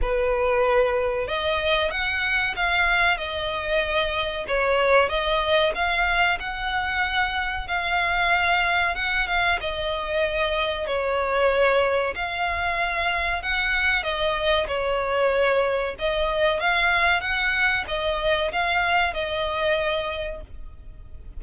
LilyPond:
\new Staff \with { instrumentName = "violin" } { \time 4/4 \tempo 4 = 94 b'2 dis''4 fis''4 | f''4 dis''2 cis''4 | dis''4 f''4 fis''2 | f''2 fis''8 f''8 dis''4~ |
dis''4 cis''2 f''4~ | f''4 fis''4 dis''4 cis''4~ | cis''4 dis''4 f''4 fis''4 | dis''4 f''4 dis''2 | }